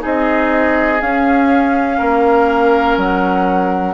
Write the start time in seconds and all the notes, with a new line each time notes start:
0.00 C4 D#4 G#4 D#5
1.02 C#4 F5
1.98 A#3 A#4
2.98 F#3 F#5